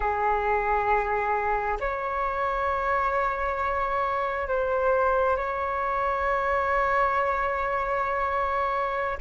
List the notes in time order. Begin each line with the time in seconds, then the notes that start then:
0.00 G#4
1.80 C#5
4.48 C5
5.36 C#5